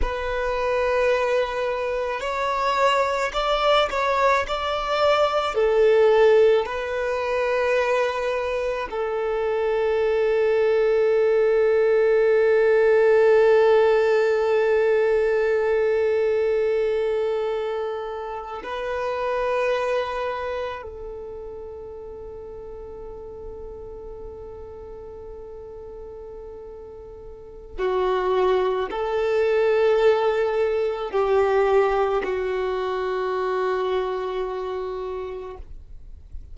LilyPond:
\new Staff \with { instrumentName = "violin" } { \time 4/4 \tempo 4 = 54 b'2 cis''4 d''8 cis''8 | d''4 a'4 b'2 | a'1~ | a'1~ |
a'8. b'2 a'4~ a'16~ | a'1~ | a'4 fis'4 a'2 | g'4 fis'2. | }